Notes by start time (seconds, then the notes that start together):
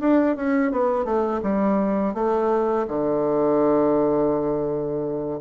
0.00 D4
0.36 C#4
0.72 B3
1.05 A3
1.43 G3
2.14 A3
2.88 D3